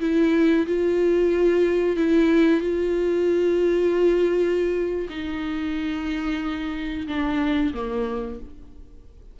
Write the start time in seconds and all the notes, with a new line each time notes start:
0.00 E4
0.66 F4
1.96 E4
2.60 F4
5.09 D#4
7.07 D4
7.74 A#3